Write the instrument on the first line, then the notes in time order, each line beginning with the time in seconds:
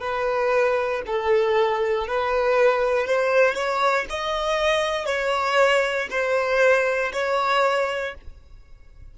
violin
0.00 B4
1.06 A4
2.07 B4
3.06 C5
3.55 C#5
4.10 D#5
5.06 C#5
6.10 C5
7.13 C#5